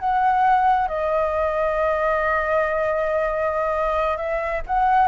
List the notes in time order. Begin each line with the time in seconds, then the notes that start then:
0.00 F#5
0.89 D#5
4.18 E5
4.67 F#5